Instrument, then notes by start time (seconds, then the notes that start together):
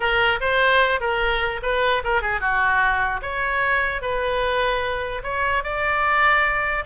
oboe
0.00 A#4
0.40 C5
1.00 A#4
1.62 B4
2.04 A#4
2.21 G#4
2.40 F#4
3.21 C#5
4.01 B4
5.23 C#5
5.63 D5